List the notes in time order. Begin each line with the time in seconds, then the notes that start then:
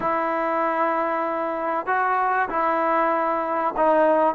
0.00 E4
1.86 F#4
2.49 E4
3.76 D#4